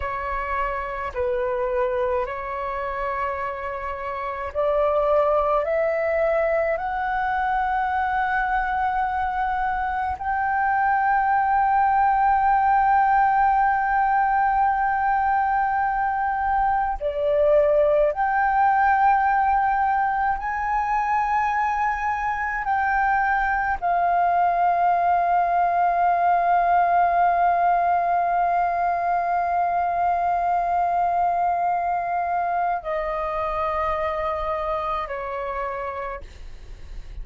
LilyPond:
\new Staff \with { instrumentName = "flute" } { \time 4/4 \tempo 4 = 53 cis''4 b'4 cis''2 | d''4 e''4 fis''2~ | fis''4 g''2.~ | g''2. d''4 |
g''2 gis''2 | g''4 f''2.~ | f''1~ | f''4 dis''2 cis''4 | }